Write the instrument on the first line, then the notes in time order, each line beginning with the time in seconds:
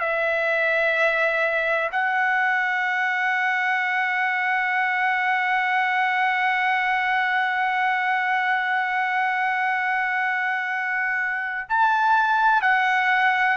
trumpet
0.00 E5
1.92 F#5
11.70 A5
12.62 F#5